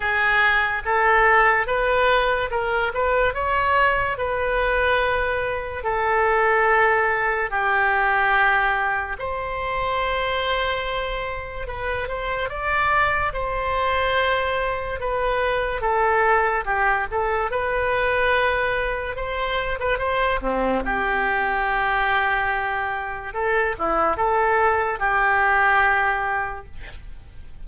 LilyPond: \new Staff \with { instrumentName = "oboe" } { \time 4/4 \tempo 4 = 72 gis'4 a'4 b'4 ais'8 b'8 | cis''4 b'2 a'4~ | a'4 g'2 c''4~ | c''2 b'8 c''8 d''4 |
c''2 b'4 a'4 | g'8 a'8 b'2 c''8. b'16 | c''8 c'8 g'2. | a'8 e'8 a'4 g'2 | }